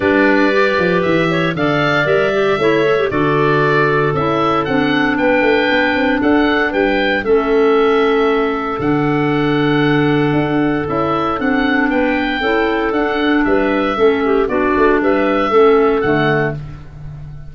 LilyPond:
<<
  \new Staff \with { instrumentName = "oboe" } { \time 4/4 \tempo 4 = 116 d''2 e''4 f''4 | e''2 d''2 | e''4 fis''4 g''2 | fis''4 g''4 e''2~ |
e''4 fis''2.~ | fis''4 e''4 fis''4 g''4~ | g''4 fis''4 e''2 | d''4 e''2 fis''4 | }
  \new Staff \with { instrumentName = "clarinet" } { \time 4/4 b'2~ b'8 cis''8 d''4~ | d''4 cis''4 a'2~ | a'2 b'2 | a'4 b'4 a'2~ |
a'1~ | a'2. b'4 | a'2 b'4 a'8 g'8 | fis'4 b'4 a'2 | }
  \new Staff \with { instrumentName = "clarinet" } { \time 4/4 d'4 g'2 a'4 | ais'8 g'8 e'8 a'16 g'16 fis'2 | e'4 d'2.~ | d'2 cis'2~ |
cis'4 d'2.~ | d'4 e'4 d'2 | e'4 d'2 cis'4 | d'2 cis'4 a4 | }
  \new Staff \with { instrumentName = "tuba" } { \time 4/4 g4. f8 e4 d4 | g4 a4 d2 | cis'4 c'4 b8 a8 b8 c'8 | d'4 g4 a2~ |
a4 d2. | d'4 cis'4 c'4 b4 | cis'4 d'4 g4 a4 | b8 a8 g4 a4 d4 | }
>>